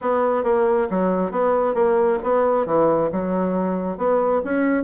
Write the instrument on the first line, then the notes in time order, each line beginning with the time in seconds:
bassoon
0.01 B3
0.43 A#3
0.89 F#3
1.31 B3
1.74 A#3
2.23 B3
2.66 E3
3.12 F#3
3.97 B3
4.44 C#4